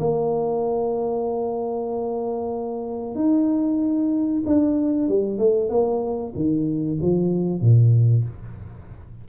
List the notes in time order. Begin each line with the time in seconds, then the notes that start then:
0.00 A#3
3.16 D#4
4.46 D4
5.09 G3
5.39 A3
5.70 A#3
6.36 D#3
7.02 F3
7.61 A#2